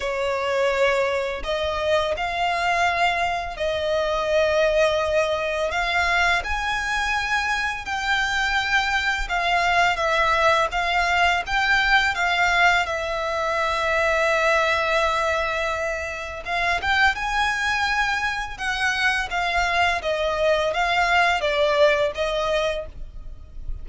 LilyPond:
\new Staff \with { instrumentName = "violin" } { \time 4/4 \tempo 4 = 84 cis''2 dis''4 f''4~ | f''4 dis''2. | f''4 gis''2 g''4~ | g''4 f''4 e''4 f''4 |
g''4 f''4 e''2~ | e''2. f''8 g''8 | gis''2 fis''4 f''4 | dis''4 f''4 d''4 dis''4 | }